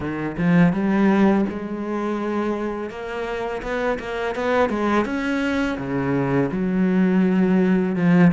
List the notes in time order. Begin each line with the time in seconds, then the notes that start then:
0.00 D#3
0.37 F3
0.72 G3
1.49 G#3
2.89 A#3
3.62 B3
3.99 A#3
4.35 B3
4.69 G#3
5.05 C#4
5.78 C#3
6.51 F#3
7.95 F3